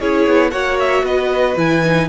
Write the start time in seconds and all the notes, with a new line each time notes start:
0.00 C#4 E4 G#4 C#5
0.26 B3
0.50 A#3 F#4 C#5 F#5
0.79 E5
1.02 B3 B4 D#5
1.56 E3 E4 G#5
1.84 D#4